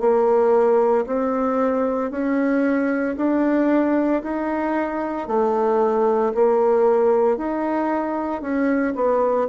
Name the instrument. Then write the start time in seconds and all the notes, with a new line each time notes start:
bassoon
0.00 A#3
1.06 C4
2.11 C#4
3.17 D4
4.22 D#4
5.27 A3
6.34 A#3
7.37 D#4
8.41 C#4
8.95 B3